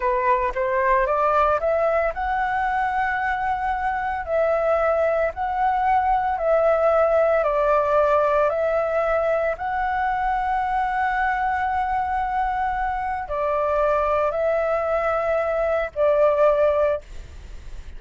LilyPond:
\new Staff \with { instrumentName = "flute" } { \time 4/4 \tempo 4 = 113 b'4 c''4 d''4 e''4 | fis''1 | e''2 fis''2 | e''2 d''2 |
e''2 fis''2~ | fis''1~ | fis''4 d''2 e''4~ | e''2 d''2 | }